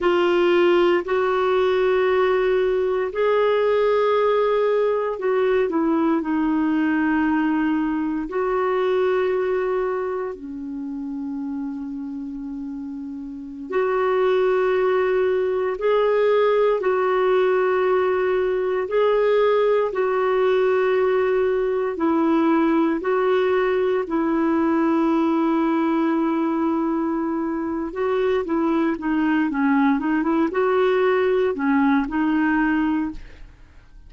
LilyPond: \new Staff \with { instrumentName = "clarinet" } { \time 4/4 \tempo 4 = 58 f'4 fis'2 gis'4~ | gis'4 fis'8 e'8 dis'2 | fis'2 cis'2~ | cis'4~ cis'16 fis'2 gis'8.~ |
gis'16 fis'2 gis'4 fis'8.~ | fis'4~ fis'16 e'4 fis'4 e'8.~ | e'2. fis'8 e'8 | dis'8 cis'8 dis'16 e'16 fis'4 cis'8 dis'4 | }